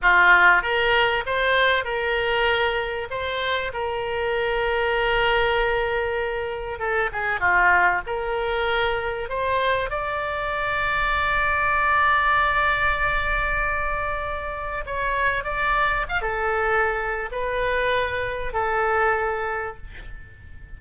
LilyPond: \new Staff \with { instrumentName = "oboe" } { \time 4/4 \tempo 4 = 97 f'4 ais'4 c''4 ais'4~ | ais'4 c''4 ais'2~ | ais'2. a'8 gis'8 | f'4 ais'2 c''4 |
d''1~ | d''1 | cis''4 d''4 f''16 a'4.~ a'16 | b'2 a'2 | }